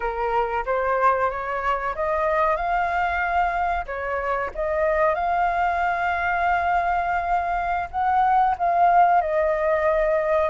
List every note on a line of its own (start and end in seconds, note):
0.00 0.64 A#4
0.65 1.30 C5
1.30 1.94 C#5
1.95 2.56 D#5
2.56 3.85 F5
3.86 4.50 C#5
4.54 5.14 D#5
5.14 7.89 F5
7.91 8.55 F#5
8.58 9.21 F5
9.21 10.49 D#5